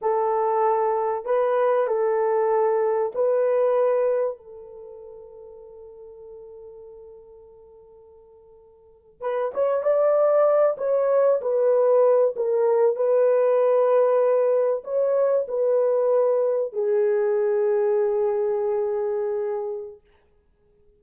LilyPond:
\new Staff \with { instrumentName = "horn" } { \time 4/4 \tempo 4 = 96 a'2 b'4 a'4~ | a'4 b'2 a'4~ | a'1~ | a'2~ a'8. b'8 cis''8 d''16~ |
d''4~ d''16 cis''4 b'4. ais'16~ | ais'8. b'2. cis''16~ | cis''8. b'2 gis'4~ gis'16~ | gis'1 | }